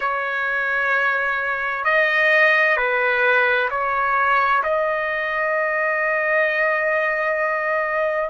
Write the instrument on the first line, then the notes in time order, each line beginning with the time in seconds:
trumpet
0.00 C#5
1.84 D#5
2.77 B4
3.70 C#5
4.63 D#5